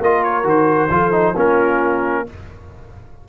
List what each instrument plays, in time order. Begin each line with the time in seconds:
0.00 tuba A#3, trombone F4, horn A#4, trumpet D#5
0.24 trumpet C#5
0.44 tuba D#3, trombone F#4, trumpet C5
0.90 tuba F3, trombone F4, horn A4
1.12 trombone D#4
1.35 tuba A#3, trombone C#4, horn F4, trumpet A#4